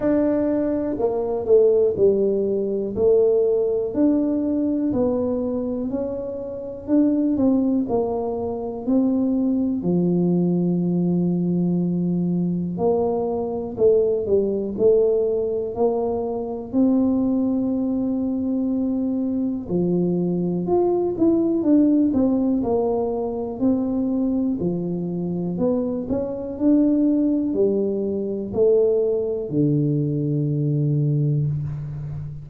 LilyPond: \new Staff \with { instrumentName = "tuba" } { \time 4/4 \tempo 4 = 61 d'4 ais8 a8 g4 a4 | d'4 b4 cis'4 d'8 c'8 | ais4 c'4 f2~ | f4 ais4 a8 g8 a4 |
ais4 c'2. | f4 f'8 e'8 d'8 c'8 ais4 | c'4 f4 b8 cis'8 d'4 | g4 a4 d2 | }